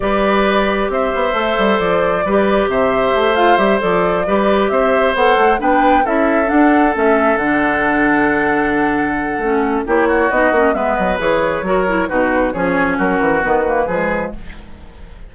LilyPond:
<<
  \new Staff \with { instrumentName = "flute" } { \time 4/4 \tempo 4 = 134 d''2 e''2 | d''2 e''4. f''8 | e''8 d''2 e''4 fis''8~ | fis''8 g''4 e''4 fis''4 e''8~ |
e''8 fis''2.~ fis''8~ | fis''2 cis''4 dis''4 | e''8 dis''8 cis''2 b'4 | cis''4 ais'4 b'2 | }
  \new Staff \with { instrumentName = "oboe" } { \time 4/4 b'2 c''2~ | c''4 b'4 c''2~ | c''4. b'4 c''4.~ | c''8 b'4 a'2~ a'8~ |
a'1~ | a'2 g'8 fis'4. | b'2 ais'4 fis'4 | gis'4 fis'2 gis'4 | }
  \new Staff \with { instrumentName = "clarinet" } { \time 4/4 g'2. a'4~ | a'4 g'2~ g'8 f'8 | g'8 a'4 g'2 a'8~ | a'8 d'4 e'4 d'4 cis'8~ |
cis'8 d'2.~ d'8~ | d'4 cis'4 e'4 dis'8 cis'8 | b4 gis'4 fis'8 e'8 dis'4 | cis'2 b8 ais8 gis4 | }
  \new Staff \with { instrumentName = "bassoon" } { \time 4/4 g2 c'8 b8 a8 g8 | f4 g4 c4 a4 | g8 f4 g4 c'4 b8 | a8 b4 cis'4 d'4 a8~ |
a8 d2.~ d8~ | d4 a4 ais4 b8 ais8 | gis8 fis8 e4 fis4 b,4 | f4 fis8 e8 dis4 f4 | }
>>